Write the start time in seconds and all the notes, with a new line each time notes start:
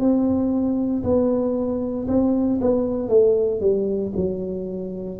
0.00 C4
1.04 B3
2.08 C4
2.61 B3
3.09 A3
3.61 G3
4.17 F#3